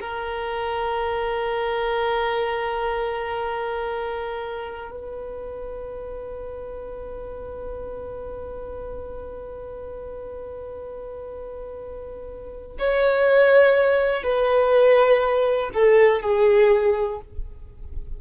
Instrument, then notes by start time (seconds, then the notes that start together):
violin
0.00 A#4
4.90 B4
12.78 C#5
14.23 B4
15.73 A4
16.21 G#4